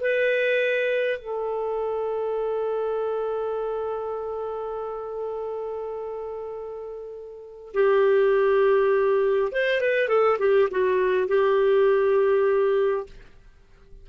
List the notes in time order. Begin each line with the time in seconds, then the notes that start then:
0.00 B4
1.19 A4
7.74 G4
9.52 C5
9.81 B4
10.08 A4
10.39 G4
10.70 F#4
11.28 G4